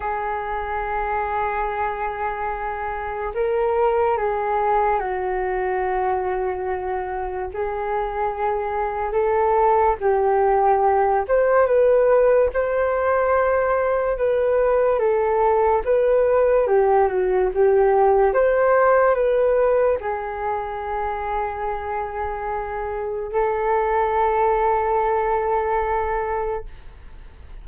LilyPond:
\new Staff \with { instrumentName = "flute" } { \time 4/4 \tempo 4 = 72 gis'1 | ais'4 gis'4 fis'2~ | fis'4 gis'2 a'4 | g'4. c''8 b'4 c''4~ |
c''4 b'4 a'4 b'4 | g'8 fis'8 g'4 c''4 b'4 | gis'1 | a'1 | }